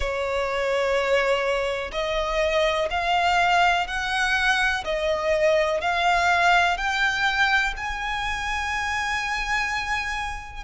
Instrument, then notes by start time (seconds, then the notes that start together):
violin
0.00 C#5
1.92 D#5
2.90 F5
3.87 F#5
4.84 D#5
5.81 F5
6.77 G5
7.76 G#5